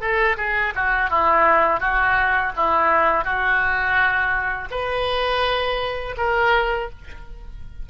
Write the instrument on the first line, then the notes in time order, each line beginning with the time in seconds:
oboe
0.00 A4
0.37 G#4
0.75 F#4
1.10 E4
1.80 F#4
2.56 E4
3.24 F#4
4.71 B4
6.17 A#4